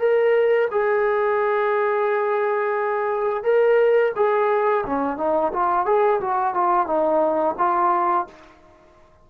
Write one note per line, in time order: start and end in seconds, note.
0.00 0.69 A#4
0.71 3.44 G#4
3.44 4.13 A#4
4.16 4.85 G#4
4.87 5.18 C#4
5.18 5.53 D#4
5.54 5.86 F4
5.86 6.21 G#4
6.21 6.55 F#4
6.55 6.87 F4
6.87 7.56 D#4
7.59 8.28 F4